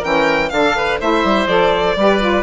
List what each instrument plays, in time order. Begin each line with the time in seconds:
0.00 bassoon E3, saxophone C#4, oboe A#4, violin G5
0.49 bassoon D3, saxophone D4, oboe A4, violin F5
0.77 oboe B4
1.00 bassoon A3, saxophone E4, oboe C5, violin E5
1.24 bassoon G3
1.47 bassoon F3, saxophone A4, violin D5
1.96 bassoon G3, saxophone G4, oboe B4
2.20 saxophone F4